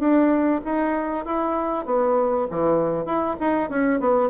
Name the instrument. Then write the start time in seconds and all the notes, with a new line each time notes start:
bassoon
0.00 D4
0.65 D#4
1.26 E4
1.86 B3
2.51 E3
3.06 E4
3.41 D#4
3.70 C#4
4.00 B3